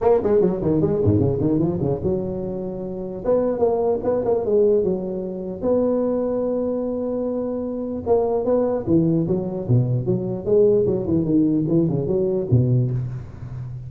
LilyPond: \new Staff \with { instrumentName = "tuba" } { \time 4/4 \tempo 4 = 149 ais8 gis8 fis8 dis8 gis8 gis,8 cis8 dis8 | f8 cis8 fis2. | b4 ais4 b8 ais8 gis4 | fis2 b2~ |
b1 | ais4 b4 e4 fis4 | b,4 fis4 gis4 fis8 e8 | dis4 e8 cis8 fis4 b,4 | }